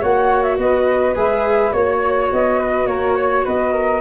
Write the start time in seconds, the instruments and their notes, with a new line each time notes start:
0.00 tuba A#3, viola F#4, flute C#5 F#5
0.43 flute E5
0.58 tuba B3, flute B4 D#5
1.15 tuba G#3, viola G#4, flute E5
1.72 tuba A#3, viola F#4, flute C#5
2.32 tuba B3, flute D#5
2.59 flute B4
2.87 tuba A#3, flute A#4 C#5
3.16 flute C#5
3.45 tuba B3, flute B4 D#5
3.72 flute A#4